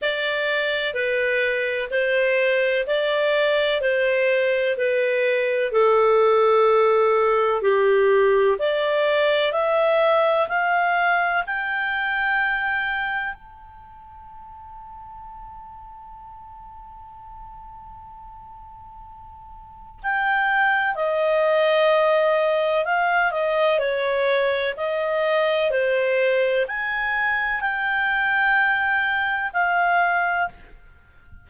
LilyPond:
\new Staff \with { instrumentName = "clarinet" } { \time 4/4 \tempo 4 = 63 d''4 b'4 c''4 d''4 | c''4 b'4 a'2 | g'4 d''4 e''4 f''4 | g''2 a''2~ |
a''1~ | a''4 g''4 dis''2 | f''8 dis''8 cis''4 dis''4 c''4 | gis''4 g''2 f''4 | }